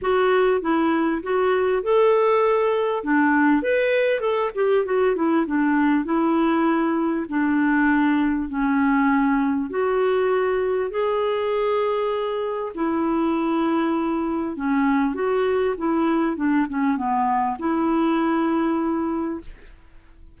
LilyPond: \new Staff \with { instrumentName = "clarinet" } { \time 4/4 \tempo 4 = 99 fis'4 e'4 fis'4 a'4~ | a'4 d'4 b'4 a'8 g'8 | fis'8 e'8 d'4 e'2 | d'2 cis'2 |
fis'2 gis'2~ | gis'4 e'2. | cis'4 fis'4 e'4 d'8 cis'8 | b4 e'2. | }